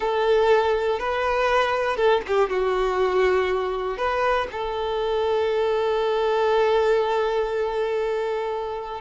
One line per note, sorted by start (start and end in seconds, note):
0.00 0.99 A4
0.99 1.96 B4
1.96 2.21 A4
2.27 2.49 G4
2.49 3.97 F#4
3.97 4.47 B4
4.51 9.01 A4